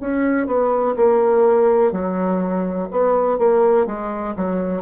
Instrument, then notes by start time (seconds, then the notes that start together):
bassoon
0.00 C#4
0.47 B3
0.96 A#3
1.92 F#3
2.91 B3
3.38 A#3
3.86 G#3
4.36 F#3